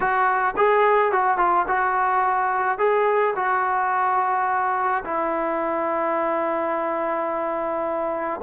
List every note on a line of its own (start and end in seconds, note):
0.00 0.54 F#4
0.56 1.12 G#4
1.12 1.37 F#4
1.37 1.65 F4
1.67 2.78 F#4
2.78 3.34 G#4
3.35 5.03 F#4
5.04 8.41 E4